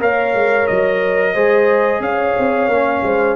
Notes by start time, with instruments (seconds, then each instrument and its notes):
0.00 tuba A#3, trombone A#4, horn C#5, trumpet F5
0.34 tuba G#3
0.67 tuba F#3, trumpet D#5
1.33 tuba G#3, trombone G#4, horn C5
2.00 tuba C#4, horn C#5, trumpet F5
2.39 tuba C4
2.68 tuba A#3, trombone C#4
3.03 tuba G#3, horn C5